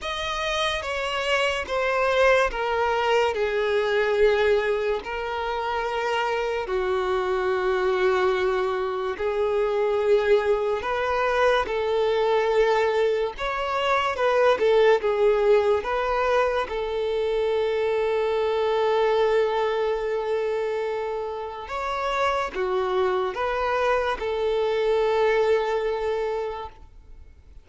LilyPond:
\new Staff \with { instrumentName = "violin" } { \time 4/4 \tempo 4 = 72 dis''4 cis''4 c''4 ais'4 | gis'2 ais'2 | fis'2. gis'4~ | gis'4 b'4 a'2 |
cis''4 b'8 a'8 gis'4 b'4 | a'1~ | a'2 cis''4 fis'4 | b'4 a'2. | }